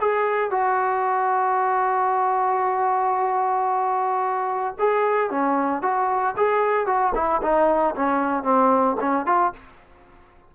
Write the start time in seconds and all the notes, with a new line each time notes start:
0.00 G#4
0.50 F#4
4.78 G#4
5.30 C#4
5.81 F#4
6.36 G#4
6.86 F#4
7.14 E4
7.41 D#4
7.95 C#4
8.43 C4
9.00 C#4
9.26 F4